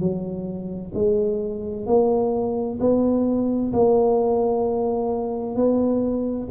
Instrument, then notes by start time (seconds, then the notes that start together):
tuba
0.00 F#3
0.94 G#3
1.86 A#3
2.80 B3
3.73 A#3
5.56 B3